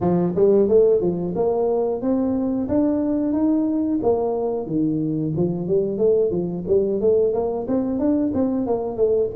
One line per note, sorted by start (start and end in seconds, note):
0.01 0.34 F3
0.35 0.68 G3
0.68 1.00 A3
1.00 1.34 F3
1.35 2.01 A#3
2.01 2.68 C4
2.68 3.32 D4
3.32 3.99 D#4
4.02 4.66 A#3
4.66 5.33 D#3
5.36 5.67 F3
5.67 5.98 G3
5.98 6.30 A3
6.30 6.64 F3
6.67 7.00 G3
7.00 7.33 A3
7.33 7.66 A#3
7.67 7.98 C4
7.98 8.32 D4
8.33 8.66 C4
8.66 8.96 A#3
8.96 9.30 A3